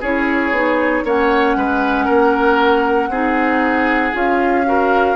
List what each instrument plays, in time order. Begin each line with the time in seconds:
0.00 bassoon C#4, clarinet E4, oboe G#4, flute C#5
0.50 bassoon B3, clarinet D#4
1.04 bassoon A#3, clarinet C#4, oboe C#5, flute F#5
1.56 bassoon G#3, oboe B4
2.05 bassoon A#3, oboe A#4
3.08 bassoon C4, clarinet D#4, oboe G#4
4.12 bassoon C#4, clarinet F4, flute F5
4.65 clarinet F#4, oboe A#4